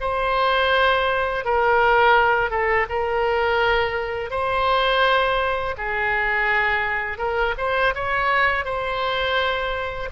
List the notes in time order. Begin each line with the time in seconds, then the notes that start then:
0.00 C5
1.44 A#4
2.50 A4
2.89 A#4
4.30 C5
5.77 G#4
7.18 A#4
7.57 C5
7.95 C#5
8.64 C5